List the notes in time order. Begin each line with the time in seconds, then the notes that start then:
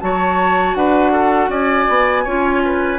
0.00 F#3 F#4 C#5 A5
0.75 D4 B4 F#5
1.12 A4
1.48 C#4 D5 G#5
1.89 B3
2.24 C#4 F4 C#5
2.65 B4